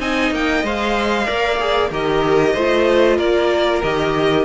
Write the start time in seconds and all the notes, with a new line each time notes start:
0.00 C4 D#4 D#5 G#5
0.32 A#3 G5
0.64 G#3 C5 F5
1.26 A#3 A#4 D5
1.60 G#4
1.91 D#3 G4 A#4 D#5
2.54 A3 F4 C5
3.17 A#3 A#4 D5
3.83 D#3 G4 D#5